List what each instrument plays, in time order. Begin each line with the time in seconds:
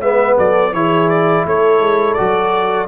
0.00 tuba G#3, trombone B3, horn B4, trumpet E5
0.37 tuba F#3, horn A4, trumpet D5
0.72 tuba E3, trombone E4, horn G#4, trumpet C#5
1.09 trumpet D5
1.45 tuba A3, horn A4, trumpet C#5
1.79 tuba G#3
2.13 trombone F#4, trumpet D5
2.19 tuba F#3